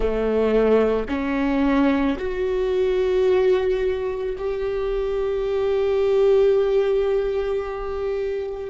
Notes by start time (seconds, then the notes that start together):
0.00 A3
1.08 C#4
2.18 F#4
4.37 G4